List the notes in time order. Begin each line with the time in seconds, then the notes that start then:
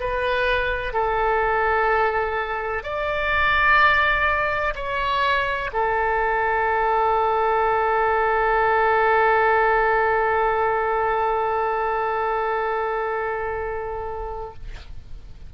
0.00 B4
0.94 A4
2.84 D5
4.75 C#5
5.73 A4